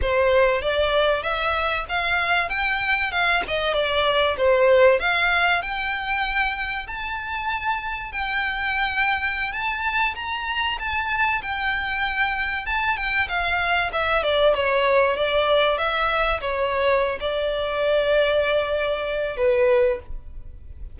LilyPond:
\new Staff \with { instrumentName = "violin" } { \time 4/4 \tempo 4 = 96 c''4 d''4 e''4 f''4 | g''4 f''8 dis''8 d''4 c''4 | f''4 g''2 a''4~ | a''4 g''2~ g''16 a''8.~ |
a''16 ais''4 a''4 g''4.~ g''16~ | g''16 a''8 g''8 f''4 e''8 d''8 cis''8.~ | cis''16 d''4 e''4 cis''4~ cis''16 d''8~ | d''2. b'4 | }